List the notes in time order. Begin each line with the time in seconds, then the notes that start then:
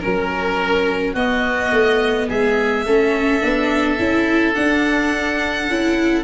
0.00 F#3 C#4 A#4
1.13 B3 F#4 D#5
1.72 A3
2.29 G#3 G#4 E5
2.86 A3 C#4 A4
3.41 B3 D4
3.99 C#4 E4
4.54 D4 F#5
5.69 C#4 E4